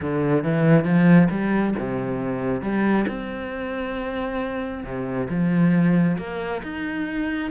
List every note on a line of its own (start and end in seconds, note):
0.01 0.43 D3
0.43 0.84 E3
0.84 1.28 F3
1.30 1.74 G3
1.78 2.61 C3
2.61 3.05 G3
3.08 4.84 C4
4.84 5.28 C3
5.29 6.17 F3
6.17 6.62 A#3
6.63 7.50 D#4